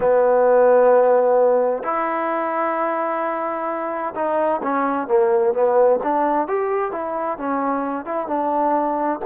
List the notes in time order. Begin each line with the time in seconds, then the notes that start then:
0.00 B3
1.83 E4
4.15 D#4
4.62 C#4
5.07 A#3
5.53 B3
6.03 D4
6.47 G4
6.91 E4
7.38 C#4
8.05 E4
8.27 D4